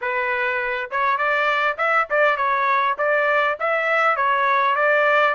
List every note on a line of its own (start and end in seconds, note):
0.01 0.90 B4
0.91 1.17 C#5
1.17 1.77 D5
1.77 2.07 E5
2.10 2.37 D5
2.37 2.96 C#5
2.98 3.57 D5
3.59 4.16 E5
4.16 4.75 C#5
4.75 5.34 D5